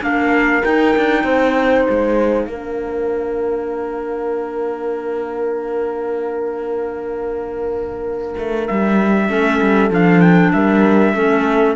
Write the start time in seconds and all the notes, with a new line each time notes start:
0.00 A#3 D4 A#4 F5
0.64 D#4 G5
0.96 D4
1.23 C4 C5
1.87 G#3 F5
2.46 A#3 D4 A#4
8.37 A3
8.66 G3 E5
9.28 A3 C#4 A4
9.61 G3
9.90 F3 D4 F5
10.20 G5
10.53 G3 A#4 E5
11.13 A3 C#4 A4